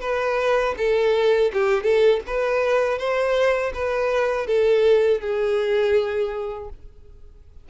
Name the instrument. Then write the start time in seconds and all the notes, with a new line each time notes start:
violin
0.00 B4
0.77 A4
1.53 G4
1.83 A4
2.26 B4
2.98 C5
3.73 B4
4.46 A4
5.21 G#4